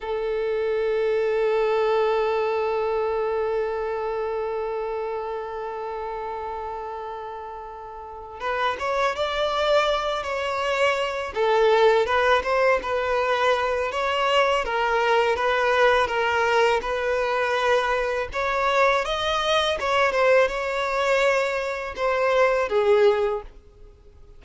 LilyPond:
\new Staff \with { instrumentName = "violin" } { \time 4/4 \tempo 4 = 82 a'1~ | a'1~ | a'2.~ a'8 b'8 | cis''8 d''4. cis''4. a'8~ |
a'8 b'8 c''8 b'4. cis''4 | ais'4 b'4 ais'4 b'4~ | b'4 cis''4 dis''4 cis''8 c''8 | cis''2 c''4 gis'4 | }